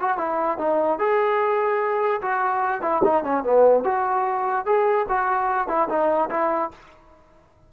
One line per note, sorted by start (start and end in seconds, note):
0.00 0.18 F#4
0.18 0.58 E4
0.58 0.99 D#4
0.99 2.21 G#4
2.22 2.82 F#4
2.82 3.02 E4
3.04 3.24 D#4
3.24 3.44 C#4
3.44 3.84 B3
3.84 4.65 F#4
4.65 5.06 G#4
5.09 5.68 F#4
5.68 5.88 E4
5.89 6.29 D#4
6.30 6.71 E4